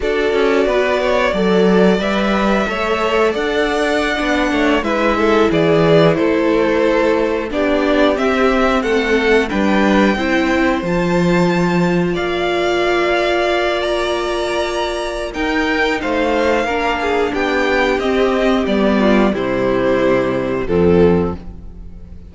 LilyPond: <<
  \new Staff \with { instrumentName = "violin" } { \time 4/4 \tempo 4 = 90 d''2. e''4~ | e''4 fis''2~ fis''16 e''8.~ | e''16 d''4 c''2 d''8.~ | d''16 e''4 fis''4 g''4.~ g''16~ |
g''16 a''2 f''4.~ f''16~ | f''8. ais''2~ ais''16 g''4 | f''2 g''4 dis''4 | d''4 c''2 a'4 | }
  \new Staff \with { instrumentName = "violin" } { \time 4/4 a'4 b'8 cis''8 d''2 | cis''4 d''4.~ d''16 cis''8 b'8 a'16~ | a'16 gis'4 a'2 g'8.~ | g'4~ g'16 a'4 b'4 c''8.~ |
c''2~ c''16 d''4.~ d''16~ | d''2. ais'4 | c''4 ais'8 gis'8 g'2~ | g'8 f'8 e'2 c'4 | }
  \new Staff \with { instrumentName = "viola" } { \time 4/4 fis'2 a'4 b'4 | a'2~ a'16 d'4 e'8.~ | e'2.~ e'16 d'8.~ | d'16 c'2 d'4 e'8.~ |
e'16 f'2.~ f'8.~ | f'2. dis'4~ | dis'4 d'2 c'4 | b4 g2 f4 | }
  \new Staff \with { instrumentName = "cello" } { \time 4/4 d'8 cis'8 b4 fis4 g4 | a4 d'4~ d'16 b8 a8 gis8.~ | gis16 e4 a2 b8.~ | b16 c'4 a4 g4 c'8.~ |
c'16 f2 ais4.~ ais16~ | ais2. dis'4 | a4 ais4 b4 c'4 | g4 c2 f,4 | }
>>